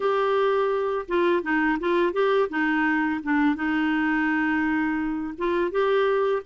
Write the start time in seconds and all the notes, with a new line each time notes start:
0.00 G4
1.07 F4
1.42 D#4
1.79 F4
2.12 G4
2.49 D#4
3.23 D4
3.55 D#4
5.38 F4
5.71 G4